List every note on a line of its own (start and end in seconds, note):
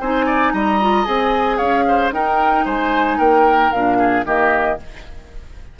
0.00 0.53 C4
0.00 0.81 D#4
0.00 0.26 C5
0.00 0.52 G#5
0.26 0.52 D5
0.52 1.06 G3
0.52 1.57 D#5
0.52 1.04 A#5
0.81 1.05 F4
1.04 1.60 C4
1.04 2.11 G#4
1.04 1.57 G#5
1.57 2.11 C#4
1.57 1.83 C#5
1.57 2.10 F5
1.88 2.14 C5
2.11 2.64 D#4
2.11 3.71 D#4
2.11 2.65 A#4
2.11 2.66 G5
2.65 3.18 G#3
2.65 3.18 C5
2.65 3.19 G#5
3.18 3.72 A#3
3.18 3.97 A#4
3.18 3.72 G5
3.72 4.25 A#2
3.72 4.24 D4
3.72 4.25 F5
3.98 4.25 G#4
4.24 4.78 D#3
4.24 4.77 A#3
4.24 4.79 G4
4.24 4.79 D#5